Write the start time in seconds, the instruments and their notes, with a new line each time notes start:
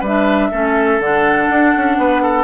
0.00 bassoon G3, oboe B4, flute E5
0.06 clarinet D4
0.51 bassoon A3, clarinet C#4, oboe A4
0.99 bassoon D3, clarinet D4, flute F#5
1.49 bassoon D4
1.76 bassoon C#4
1.97 bassoon B3, oboe B4
2.22 oboe A4